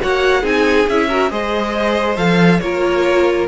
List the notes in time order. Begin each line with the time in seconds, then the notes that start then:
0.00 A#3 F#4 C#5 F#5
0.41 C4 D#4 G#4 G#5
0.88 C#4 E4 E5
1.09 F#4 A#4
1.30 G#3 G#4 C5 D#5
2.17 F3 A4 F5
2.60 A#3 F4 A#4 C#5